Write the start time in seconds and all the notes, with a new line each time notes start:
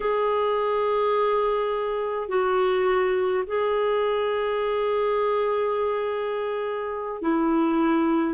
0.00 G#4
2.28 F#4
3.46 G#4
7.21 E4